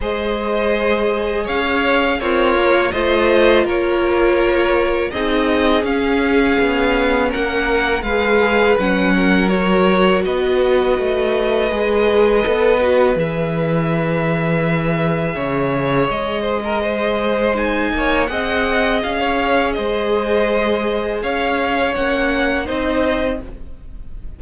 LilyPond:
<<
  \new Staff \with { instrumentName = "violin" } { \time 4/4 \tempo 4 = 82 dis''2 f''4 cis''4 | dis''4 cis''2 dis''4 | f''2 fis''4 f''4 | fis''4 cis''4 dis''2~ |
dis''2 e''2~ | e''2 dis''2 | gis''4 fis''4 f''4 dis''4~ | dis''4 f''4 fis''4 dis''4 | }
  \new Staff \with { instrumentName = "violin" } { \time 4/4 c''2 cis''4 f'4 | c''4 ais'2 gis'4~ | gis'2 ais'4 b'4~ | b'8 ais'4. b'2~ |
b'1~ | b'4 cis''4. c''16 ais'16 c''4~ | c''8 cis''8 dis''4~ dis''16 cis''8. c''4~ | c''4 cis''2 c''4 | }
  \new Staff \with { instrumentName = "viola" } { \time 4/4 gis'2. ais'4 | f'2. dis'4 | cis'2. gis'4 | cis'4 fis'2. |
gis'4 a'8 fis'8 gis'2~ | gis'1 | dis'4 gis'2.~ | gis'2 cis'4 dis'4 | }
  \new Staff \with { instrumentName = "cello" } { \time 4/4 gis2 cis'4 c'8 ais8 | a4 ais2 c'4 | cis'4 b4 ais4 gis4 | fis2 b4 a4 |
gis4 b4 e2~ | e4 cis4 gis2~ | gis8 ais8 c'4 cis'4 gis4~ | gis4 cis'4 ais4 c'4 | }
>>